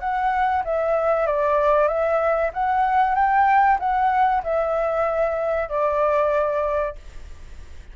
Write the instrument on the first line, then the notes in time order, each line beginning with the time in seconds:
flute
0.00 F#5
0.65 E5
1.27 D5
1.88 E5
2.53 F#5
3.15 G5
3.79 F#5
4.44 E5
5.69 D5